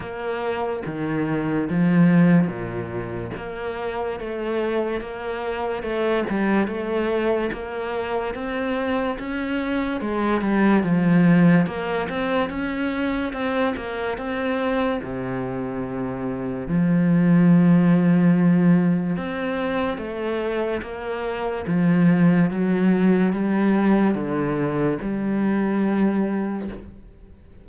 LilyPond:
\new Staff \with { instrumentName = "cello" } { \time 4/4 \tempo 4 = 72 ais4 dis4 f4 ais,4 | ais4 a4 ais4 a8 g8 | a4 ais4 c'4 cis'4 | gis8 g8 f4 ais8 c'8 cis'4 |
c'8 ais8 c'4 c2 | f2. c'4 | a4 ais4 f4 fis4 | g4 d4 g2 | }